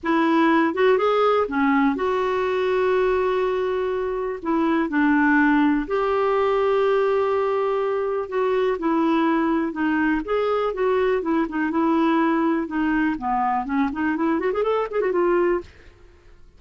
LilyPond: \new Staff \with { instrumentName = "clarinet" } { \time 4/4 \tempo 4 = 123 e'4. fis'8 gis'4 cis'4 | fis'1~ | fis'4 e'4 d'2 | g'1~ |
g'4 fis'4 e'2 | dis'4 gis'4 fis'4 e'8 dis'8 | e'2 dis'4 b4 | cis'8 dis'8 e'8 fis'16 gis'16 a'8 gis'16 fis'16 f'4 | }